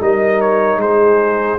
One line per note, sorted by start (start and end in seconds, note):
0.00 0.76 G3
0.00 1.58 D#4
0.00 0.80 A#4
0.00 0.41 D#5
0.41 0.80 C#5
0.76 1.55 G#3
0.76 1.58 G#4
0.76 1.58 C5